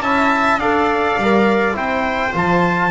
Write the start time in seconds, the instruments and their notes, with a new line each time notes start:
0.00 double bass C#4, trombone E4, viola E5, trumpet A5
0.58 double bass D4, trombone A4, viola D5, trumpet F5
1.17 double bass G3, trombone A#4
1.73 double bass C4, trombone E4, viola C5, trumpet G5
2.32 double bass F3, trombone F4, trumpet A5